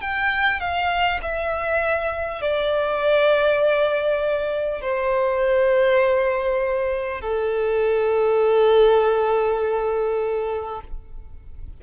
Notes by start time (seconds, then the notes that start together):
0.00 G5
0.60 F5
1.22 E5
2.41 D5
4.81 C5
7.21 A4